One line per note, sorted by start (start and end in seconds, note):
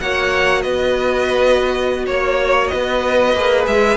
0.00 0.65 A#3
0.00 3.36 F#4
0.00 0.63 C#5
0.00 0.62 F#5
0.62 2.08 B3
0.62 2.07 B4
0.62 2.06 D#5
2.06 2.72 A#3
2.06 2.68 C#5
2.06 2.73 C#5
2.68 3.35 B3
2.68 3.97 B4
2.68 3.64 D#5
3.35 3.67 A#3
3.35 3.97 G#4
3.67 3.97 G#3
3.67 3.97 E5